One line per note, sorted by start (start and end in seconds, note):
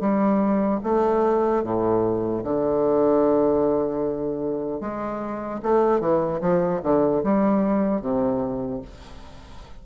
0.00 0.80 G3
0.83 1.63 A3
1.63 2.43 A2
2.43 4.80 D3
4.80 5.60 G#3
5.62 6.00 A3
6.00 6.40 E3
6.40 6.80 F3
6.83 7.23 D3
7.23 8.01 G3
8.01 8.81 C3